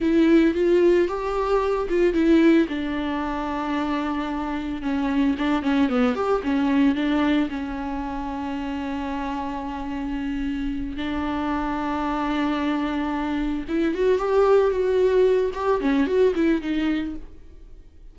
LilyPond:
\new Staff \with { instrumentName = "viola" } { \time 4/4 \tempo 4 = 112 e'4 f'4 g'4. f'8 | e'4 d'2.~ | d'4 cis'4 d'8 cis'8 b8 g'8 | cis'4 d'4 cis'2~ |
cis'1~ | cis'8 d'2.~ d'8~ | d'4. e'8 fis'8 g'4 fis'8~ | fis'4 g'8 cis'8 fis'8 e'8 dis'4 | }